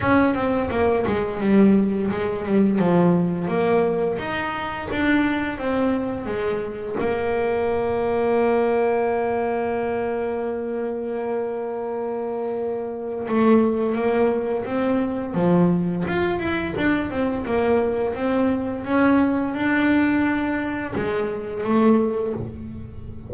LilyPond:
\new Staff \with { instrumentName = "double bass" } { \time 4/4 \tempo 4 = 86 cis'8 c'8 ais8 gis8 g4 gis8 g8 | f4 ais4 dis'4 d'4 | c'4 gis4 ais2~ | ais1~ |
ais2. a4 | ais4 c'4 f4 f'8 e'8 | d'8 c'8 ais4 c'4 cis'4 | d'2 gis4 a4 | }